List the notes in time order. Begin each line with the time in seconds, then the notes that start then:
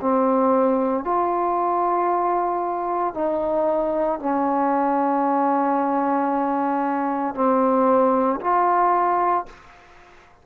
0.00 C4
1.04 F4
3.14 D#4
4.19 C#4
7.34 C4
8.40 F4